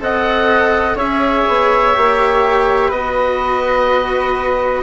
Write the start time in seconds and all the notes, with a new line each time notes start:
0.00 C4 A4 D#5 F#5
0.95 C#4 G#4 C#5 E5
1.48 B3
1.94 A#3 G4
2.88 B3 F#4 B4 D#5